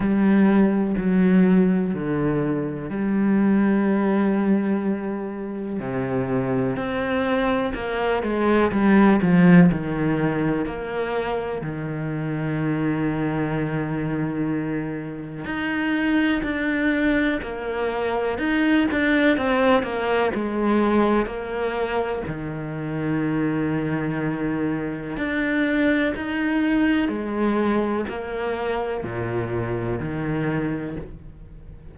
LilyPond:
\new Staff \with { instrumentName = "cello" } { \time 4/4 \tempo 4 = 62 g4 fis4 d4 g4~ | g2 c4 c'4 | ais8 gis8 g8 f8 dis4 ais4 | dis1 |
dis'4 d'4 ais4 dis'8 d'8 | c'8 ais8 gis4 ais4 dis4~ | dis2 d'4 dis'4 | gis4 ais4 ais,4 dis4 | }